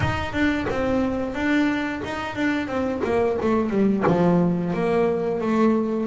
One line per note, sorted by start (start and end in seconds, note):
0.00 0.32 D#4
0.32 0.66 D4
0.69 1.34 C4
1.34 2.01 D4
2.04 2.35 D#4
2.35 2.67 D4
2.67 3.01 C4
3.03 3.37 A#3
3.41 3.69 A3
3.69 4.03 G3
4.06 4.73 F3
4.73 5.41 A#3
5.41 6.06 A3